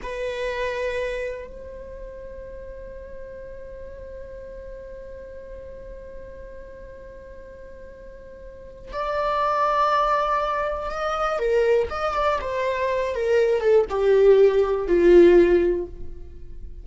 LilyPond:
\new Staff \with { instrumentName = "viola" } { \time 4/4 \tempo 4 = 121 b'2. c''4~ | c''1~ | c''1~ | c''1~ |
c''2 d''2~ | d''2 dis''4 ais'4 | dis''8 d''8 c''4. ais'4 a'8 | g'2 f'2 | }